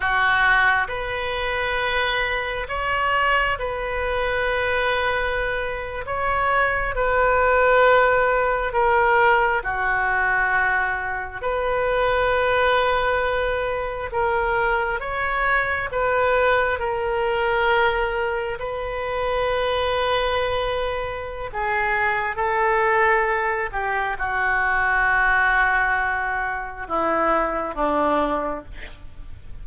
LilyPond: \new Staff \with { instrumentName = "oboe" } { \time 4/4 \tempo 4 = 67 fis'4 b'2 cis''4 | b'2~ b'8. cis''4 b'16~ | b'4.~ b'16 ais'4 fis'4~ fis'16~ | fis'8. b'2. ais'16~ |
ais'8. cis''4 b'4 ais'4~ ais'16~ | ais'8. b'2.~ b'16 | gis'4 a'4. g'8 fis'4~ | fis'2 e'4 d'4 | }